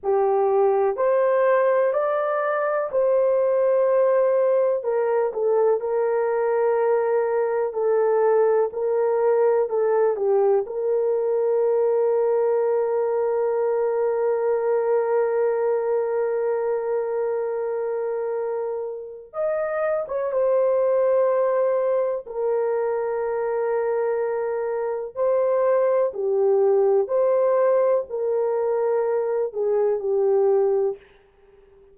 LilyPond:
\new Staff \with { instrumentName = "horn" } { \time 4/4 \tempo 4 = 62 g'4 c''4 d''4 c''4~ | c''4 ais'8 a'8 ais'2 | a'4 ais'4 a'8 g'8 ais'4~ | ais'1~ |
ais'1 | dis''8. cis''16 c''2 ais'4~ | ais'2 c''4 g'4 | c''4 ais'4. gis'8 g'4 | }